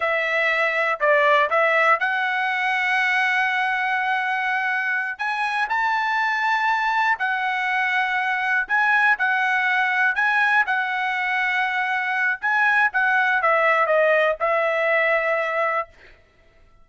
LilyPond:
\new Staff \with { instrumentName = "trumpet" } { \time 4/4 \tempo 4 = 121 e''2 d''4 e''4 | fis''1~ | fis''2~ fis''8 gis''4 a''8~ | a''2~ a''8 fis''4.~ |
fis''4. gis''4 fis''4.~ | fis''8 gis''4 fis''2~ fis''8~ | fis''4 gis''4 fis''4 e''4 | dis''4 e''2. | }